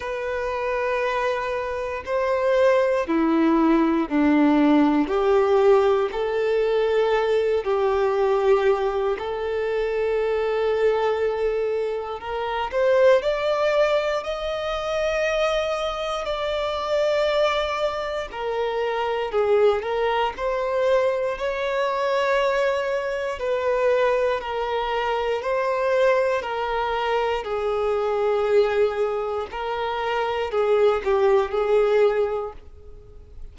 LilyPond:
\new Staff \with { instrumentName = "violin" } { \time 4/4 \tempo 4 = 59 b'2 c''4 e'4 | d'4 g'4 a'4. g'8~ | g'4 a'2. | ais'8 c''8 d''4 dis''2 |
d''2 ais'4 gis'8 ais'8 | c''4 cis''2 b'4 | ais'4 c''4 ais'4 gis'4~ | gis'4 ais'4 gis'8 g'8 gis'4 | }